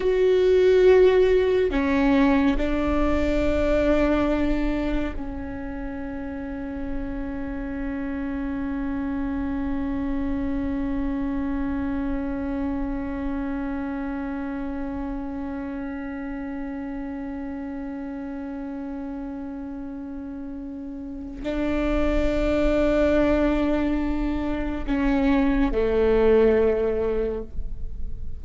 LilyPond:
\new Staff \with { instrumentName = "viola" } { \time 4/4 \tempo 4 = 70 fis'2 cis'4 d'4~ | d'2 cis'2~ | cis'1~ | cis'1~ |
cis'1~ | cis'1~ | cis'4 d'2.~ | d'4 cis'4 a2 | }